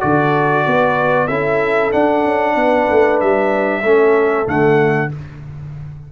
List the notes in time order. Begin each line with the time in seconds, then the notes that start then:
0.00 D3 F#4 A4 D5
0.66 B3 B4
1.27 C#4 E4 A4 E5
1.91 D4 F#5
2.24 C#4
2.55 B3 B4
2.91 A3
3.20 G3 E5
3.82 A3 C#4 A4
4.45 D3 A3 F#5